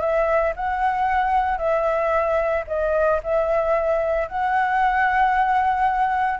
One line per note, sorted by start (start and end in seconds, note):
0.00 0.53 E5
0.56 1.58 F#5
1.58 2.64 E5
2.67 3.20 D#5
3.23 4.28 E5
4.28 6.39 F#5